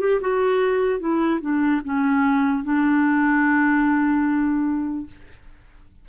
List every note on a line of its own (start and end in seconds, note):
0.00 0.20 G4
0.20 0.99 F#4
0.99 1.40 E4
1.40 1.81 D4
1.84 2.63 C#4
2.63 5.06 D4